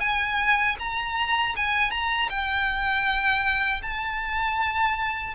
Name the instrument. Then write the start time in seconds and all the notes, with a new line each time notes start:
violin
0.00 G#5
0.79 A#5
1.56 G#5
1.91 A#5
2.30 G5
3.83 A5